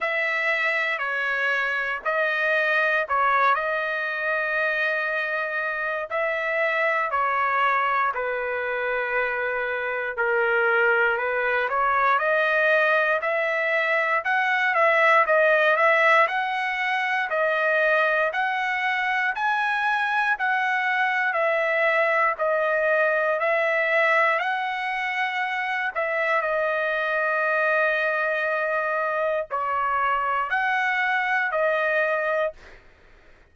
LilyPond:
\new Staff \with { instrumentName = "trumpet" } { \time 4/4 \tempo 4 = 59 e''4 cis''4 dis''4 cis''8 dis''8~ | dis''2 e''4 cis''4 | b'2 ais'4 b'8 cis''8 | dis''4 e''4 fis''8 e''8 dis''8 e''8 |
fis''4 dis''4 fis''4 gis''4 | fis''4 e''4 dis''4 e''4 | fis''4. e''8 dis''2~ | dis''4 cis''4 fis''4 dis''4 | }